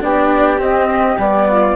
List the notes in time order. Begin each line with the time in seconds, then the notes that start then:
0.00 B3 D4 G4 D5
0.58 C4 D#5
1.17 G3 B3 D5
1.48 F4